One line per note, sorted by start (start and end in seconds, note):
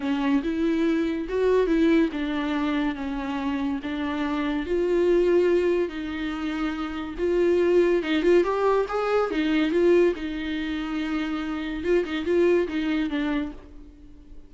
0.00 0.42 C#4
0.43 1.27 E4
1.28 1.67 F#4
1.67 2.09 E4
2.12 2.95 D4
2.95 3.80 C#4
3.82 4.66 D4
4.66 5.88 F4
5.88 7.15 D#4
7.18 8.02 F4
8.02 8.22 D#4
8.22 8.43 F4
8.43 8.86 G4
8.88 9.30 G#4
9.31 9.71 D#4
9.71 10.13 F4
10.15 11.83 D#4
11.83 12.04 F4
12.04 12.25 D#4
12.25 12.67 F4
12.67 13.09 D#4
13.09 13.51 D4